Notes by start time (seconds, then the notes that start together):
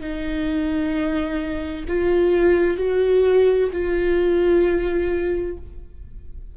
0.00 D#4
1.88 F4
2.77 F#4
3.72 F4